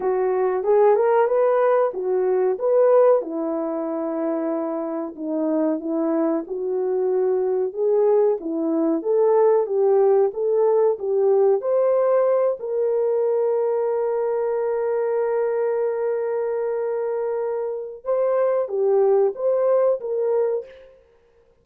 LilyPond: \new Staff \with { instrumentName = "horn" } { \time 4/4 \tempo 4 = 93 fis'4 gis'8 ais'8 b'4 fis'4 | b'4 e'2. | dis'4 e'4 fis'2 | gis'4 e'4 a'4 g'4 |
a'4 g'4 c''4. ais'8~ | ais'1~ | ais'1 | c''4 g'4 c''4 ais'4 | }